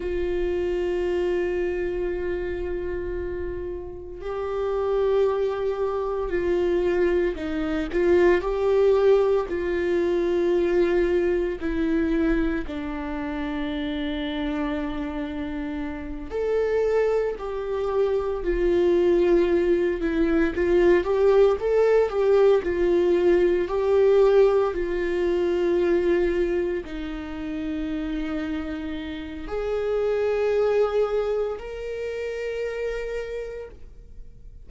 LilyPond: \new Staff \with { instrumentName = "viola" } { \time 4/4 \tempo 4 = 57 f'1 | g'2 f'4 dis'8 f'8 | g'4 f'2 e'4 | d'2.~ d'8 a'8~ |
a'8 g'4 f'4. e'8 f'8 | g'8 a'8 g'8 f'4 g'4 f'8~ | f'4. dis'2~ dis'8 | gis'2 ais'2 | }